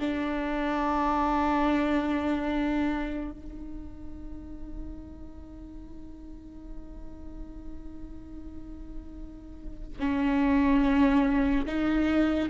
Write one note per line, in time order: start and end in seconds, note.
0.00 3.32 D4
3.32 9.98 D#4
9.99 11.66 C#4
11.67 12.50 D#4